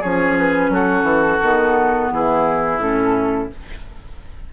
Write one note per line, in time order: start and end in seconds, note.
0.00 0.69 F3
0.00 1.41 C#4
0.00 0.70 G#4
0.00 0.37 C#5
0.38 0.73 B4
0.69 1.02 F#3
0.69 2.13 F#4
0.69 2.12 A4
1.02 1.37 E3
1.41 2.11 D#3
1.41 2.80 B3
2.12 2.78 E3
2.12 3.53 E4
2.12 2.80 G#4
2.78 3.48 A2
2.78 3.49 C#4
2.78 3.50 A4